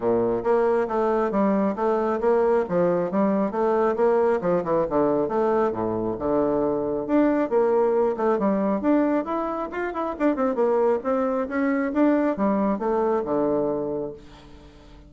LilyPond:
\new Staff \with { instrumentName = "bassoon" } { \time 4/4 \tempo 4 = 136 ais,4 ais4 a4 g4 | a4 ais4 f4 g4 | a4 ais4 f8 e8 d4 | a4 a,4 d2 |
d'4 ais4. a8 g4 | d'4 e'4 f'8 e'8 d'8 c'8 | ais4 c'4 cis'4 d'4 | g4 a4 d2 | }